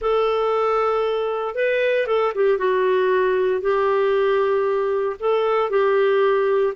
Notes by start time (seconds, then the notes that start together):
0.01 A4
1.54 B4
2.06 A4
2.34 G4
2.58 F#4
3.61 G4
5.19 A4
5.70 G4